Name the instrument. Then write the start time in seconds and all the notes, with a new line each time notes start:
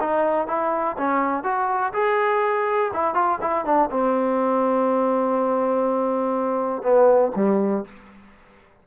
trombone
0.00 D#4
0.47 E4
0.97 C#4
1.43 F#4
1.93 G#4
2.93 E4
3.14 F4
3.41 E4
3.65 D4
3.90 C4
6.82 B3
7.35 G3